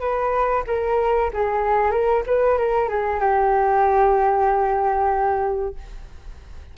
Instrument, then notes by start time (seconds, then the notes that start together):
flute
0.00 B4
0.67 A#4
1.33 G#4
1.91 A#4
2.27 B4
2.58 A#4
2.89 G#4
3.20 G4